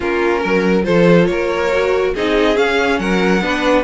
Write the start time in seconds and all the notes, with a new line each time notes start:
0.00 A#3 C#4 F4 A#4
0.40 F#3 A#4
0.83 F3 F4 A4 C5
1.26 A#3 A#4 C#5
1.72 F#4
2.14 C4 D#4 G#4 D#5
2.54 C#4 F5
2.99 F#3 A#4 F#5
3.41 B3 D4 B4